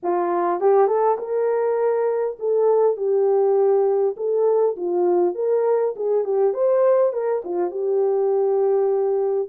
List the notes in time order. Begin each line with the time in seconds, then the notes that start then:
0.02 F4
0.60 G4
0.87 A4
1.18 A#4
2.39 A4
2.96 G4
4.16 A4
4.76 F4
5.35 A#4
5.95 G#4
6.24 G4
6.53 C5
7.12 A#4
7.44 F4
7.70 G4